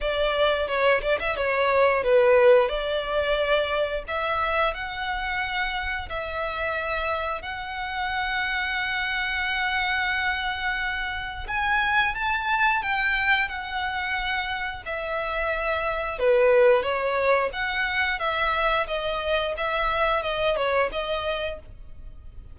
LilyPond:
\new Staff \with { instrumentName = "violin" } { \time 4/4 \tempo 4 = 89 d''4 cis''8 d''16 e''16 cis''4 b'4 | d''2 e''4 fis''4~ | fis''4 e''2 fis''4~ | fis''1~ |
fis''4 gis''4 a''4 g''4 | fis''2 e''2 | b'4 cis''4 fis''4 e''4 | dis''4 e''4 dis''8 cis''8 dis''4 | }